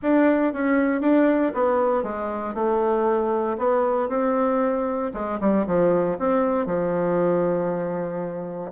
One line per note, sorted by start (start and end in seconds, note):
0.02 0.53 D4
0.53 1.01 C#4
1.01 1.52 D4
1.54 2.03 B3
2.03 2.54 G#3
2.54 3.57 A3
3.58 4.09 B3
4.09 5.11 C4
5.13 5.39 G#3
5.40 5.65 G3
5.66 6.18 F3
6.18 6.65 C4
6.65 8.71 F3